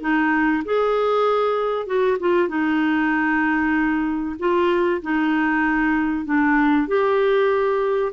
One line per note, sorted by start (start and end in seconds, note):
0.00 0.62 D#4
0.64 1.86 G#4
1.86 2.17 F#4
2.19 2.48 F4
2.48 4.36 D#4
4.39 5.01 F4
5.01 6.25 D#4
6.25 6.87 D4
6.87 8.12 G4